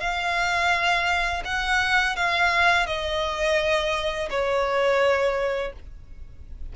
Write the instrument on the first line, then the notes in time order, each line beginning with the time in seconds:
violin
0.00 F5
1.45 F#5
2.16 F5
2.86 D#5
4.30 C#5